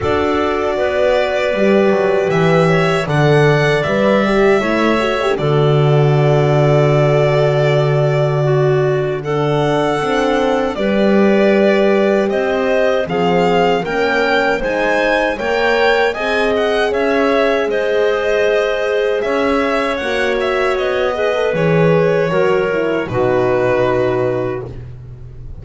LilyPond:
<<
  \new Staff \with { instrumentName = "violin" } { \time 4/4 \tempo 4 = 78 d''2. e''4 | fis''4 e''2 d''4~ | d''1 | fis''2 d''2 |
dis''4 f''4 g''4 gis''4 | g''4 gis''8 fis''8 e''4 dis''4~ | dis''4 e''4 fis''8 e''8 dis''4 | cis''2 b'2 | }
  \new Staff \with { instrumentName = "clarinet" } { \time 4/4 a'4 b'2~ b'8 cis''8 | d''2 cis''4 a'4~ | a'2. fis'4 | a'2 b'2 |
c''4 gis'4 ais'4 c''4 | cis''4 dis''4 cis''4 c''4~ | c''4 cis''2~ cis''8 b'8~ | b'4 ais'4 fis'2 | }
  \new Staff \with { instrumentName = "horn" } { \time 4/4 fis'2 g'2 | a'4 b'8 g'8 e'8 fis'16 g'16 fis'4~ | fis'1 | d'4 c'4 g'2~ |
g'4 c'4 cis'4 dis'4 | ais'4 gis'2.~ | gis'2 fis'4. gis'16 a'16 | gis'4 fis'8 e'8 dis'2 | }
  \new Staff \with { instrumentName = "double bass" } { \time 4/4 d'4 b4 g8 fis8 e4 | d4 g4 a4 d4~ | d1~ | d4 d'4 g2 |
c'4 f4 ais4 gis4 | ais4 c'4 cis'4 gis4~ | gis4 cis'4 ais4 b4 | e4 fis4 b,2 | }
>>